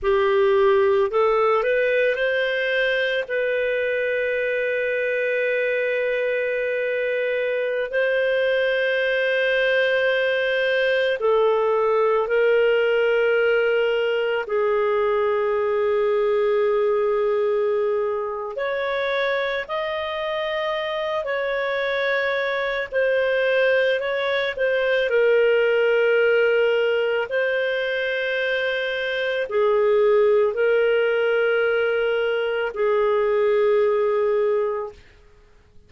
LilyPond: \new Staff \with { instrumentName = "clarinet" } { \time 4/4 \tempo 4 = 55 g'4 a'8 b'8 c''4 b'4~ | b'2.~ b'16 c''8.~ | c''2~ c''16 a'4 ais'8.~ | ais'4~ ais'16 gis'2~ gis'8.~ |
gis'4 cis''4 dis''4. cis''8~ | cis''4 c''4 cis''8 c''8 ais'4~ | ais'4 c''2 gis'4 | ais'2 gis'2 | }